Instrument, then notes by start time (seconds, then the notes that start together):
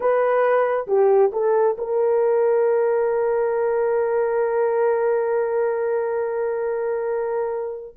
horn
0.00 B4
0.87 G4
1.32 A4
1.78 A#4